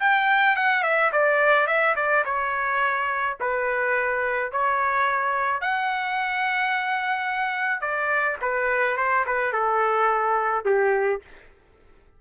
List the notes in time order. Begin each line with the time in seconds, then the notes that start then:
0.00 G5
0.56 F#5
0.83 E5
1.12 D5
1.67 E5
1.96 D5
2.25 C#5
3.40 B4
4.52 C#5
5.61 F#5
7.81 D5
8.41 B4
8.97 C5
9.26 B4
9.53 A4
10.65 G4